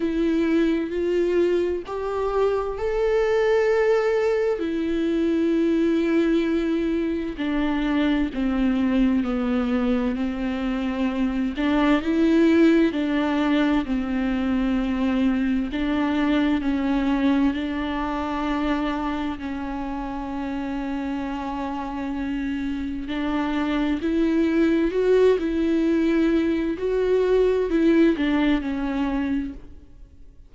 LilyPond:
\new Staff \with { instrumentName = "viola" } { \time 4/4 \tempo 4 = 65 e'4 f'4 g'4 a'4~ | a'4 e'2. | d'4 c'4 b4 c'4~ | c'8 d'8 e'4 d'4 c'4~ |
c'4 d'4 cis'4 d'4~ | d'4 cis'2.~ | cis'4 d'4 e'4 fis'8 e'8~ | e'4 fis'4 e'8 d'8 cis'4 | }